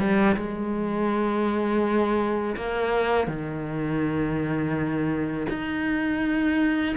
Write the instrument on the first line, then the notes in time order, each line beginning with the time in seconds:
cello
0.00 G3
0.37 G#3
2.57 A#3
3.28 D#3
5.50 D#4